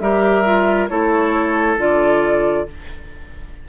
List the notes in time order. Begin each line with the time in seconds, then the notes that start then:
0.00 G3 G4 A#4 E5
0.45 F4
0.89 A3 E4 A4 C#5
1.78 D3 F4 D5